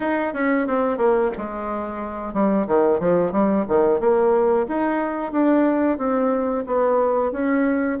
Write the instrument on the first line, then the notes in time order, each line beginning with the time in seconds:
bassoon
0.00 D#4
0.33 C#4
0.67 C4
0.97 A#3
1.37 G#3
2.33 G3
2.67 D#3
2.99 F3
3.32 G3
3.68 D#3
3.99 A#3
4.68 D#4
5.32 D4
5.98 C4
6.66 B3
7.32 C#4